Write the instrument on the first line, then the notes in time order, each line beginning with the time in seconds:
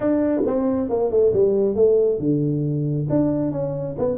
tuba
0.00 D4
0.46 C4
0.89 A#3
1.10 A3
1.33 G3
1.75 A3
2.19 D3
3.09 D4
3.51 C#4
3.98 B3